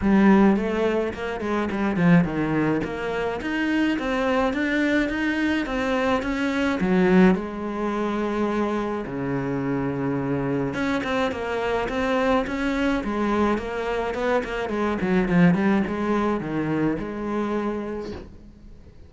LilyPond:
\new Staff \with { instrumentName = "cello" } { \time 4/4 \tempo 4 = 106 g4 a4 ais8 gis8 g8 f8 | dis4 ais4 dis'4 c'4 | d'4 dis'4 c'4 cis'4 | fis4 gis2. |
cis2. cis'8 c'8 | ais4 c'4 cis'4 gis4 | ais4 b8 ais8 gis8 fis8 f8 g8 | gis4 dis4 gis2 | }